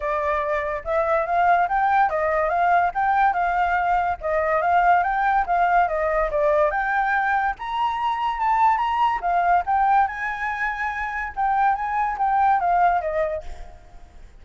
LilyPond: \new Staff \with { instrumentName = "flute" } { \time 4/4 \tempo 4 = 143 d''2 e''4 f''4 | g''4 dis''4 f''4 g''4 | f''2 dis''4 f''4 | g''4 f''4 dis''4 d''4 |
g''2 ais''2 | a''4 ais''4 f''4 g''4 | gis''2. g''4 | gis''4 g''4 f''4 dis''4 | }